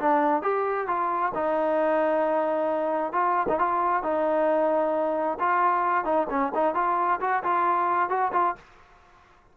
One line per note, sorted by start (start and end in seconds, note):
0.00 0.43 D4
0.43 0.88 G4
0.88 1.33 F4
1.35 3.13 D#4
3.13 3.47 F4
3.49 3.59 D#4
3.59 4.04 F4
4.04 5.39 D#4
5.40 6.05 F4
6.05 6.27 D#4
6.30 6.53 C#4
6.55 6.75 D#4
6.75 7.20 F4
7.21 7.44 F#4
7.44 8.10 F4
8.10 8.32 F#4
8.33 8.56 F4